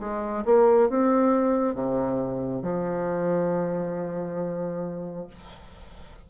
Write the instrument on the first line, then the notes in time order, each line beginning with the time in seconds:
bassoon
0.00 G#3
0.45 A#3
0.90 C4
1.75 C3
2.62 F3